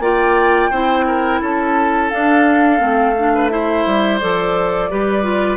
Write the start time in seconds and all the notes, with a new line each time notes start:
0.00 A#3 F4 D5 G5
0.70 C4 E4 C5
1.07 A#4
1.41 C#4 A4 A5
2.10 D4 F5
2.79 A3 C4
3.19 D4
3.35 B4
3.49 E4 C5 E5
3.86 G3
4.19 F3 A4 D5
4.91 G3 G4 B4
5.23 F4